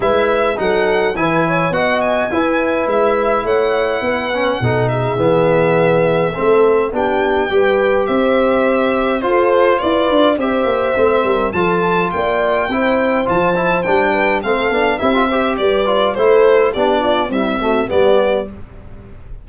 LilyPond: <<
  \new Staff \with { instrumentName = "violin" } { \time 4/4 \tempo 4 = 104 e''4 fis''4 gis''4 fis''8 gis''8~ | gis''4 e''4 fis''2~ | fis''8 e''2.~ e''8 | g''2 e''2 |
c''4 d''4 e''2 | a''4 g''2 a''4 | g''4 f''4 e''4 d''4 | c''4 d''4 e''4 d''4 | }
  \new Staff \with { instrumentName = "horn" } { \time 4/4 b'4 a'4 b'8 cis''8 dis''4 | b'2 cis''4 b'4 | a'8 gis'2~ gis'8 a'4 | g'4 b'4 c''2 |
a'4 b'4 c''4. ais'8 | a'4 d''4 c''2~ | c''8 b'8 a'4 g'8 c''8 b'4 | a'4 g'8 f'8 e'8 fis'8 g'4 | }
  \new Staff \with { instrumentName = "trombone" } { \time 4/4 e'4 dis'4 e'4 fis'4 | e'2.~ e'8 cis'8 | dis'4 b2 c'4 | d'4 g'2. |
f'2 g'4 c'4 | f'2 e'4 f'8 e'8 | d'4 c'8 d'8 e'16 f'16 g'4 f'8 | e'4 d'4 g8 a8 b4 | }
  \new Staff \with { instrumentName = "tuba" } { \time 4/4 gis4 fis4 e4 b4 | e'4 gis4 a4 b4 | b,4 e2 a4 | b4 g4 c'2 |
f'4 e'8 d'8 c'8 ais8 a8 g8 | f4 ais4 c'4 f4 | g4 a8 b8 c'4 g4 | a4 b4 c'4 g4 | }
>>